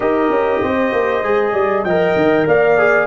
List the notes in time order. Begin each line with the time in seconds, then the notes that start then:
0.00 D#4 G4 A#4 D#5
0.29 C#4
0.62 C4 C5
0.92 A#3
1.22 G#3 G#4
1.52 G3 D5
1.84 F3 A#4 D#5 G5
2.15 D#3
2.47 A#3 D5 F5
2.77 G#4